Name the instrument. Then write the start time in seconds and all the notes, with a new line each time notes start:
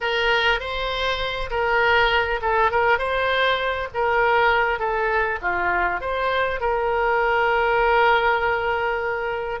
oboe
0.01 A#4
0.59 C5
1.50 A#4
2.41 A4
2.71 A#4
2.98 C5
3.94 A#4
4.79 A4
5.41 F4
6.00 C5
6.60 A#4